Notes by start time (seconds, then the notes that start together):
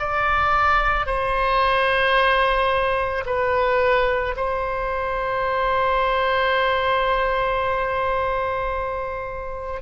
0.00 D5
1.07 C5
3.26 B4
4.36 C5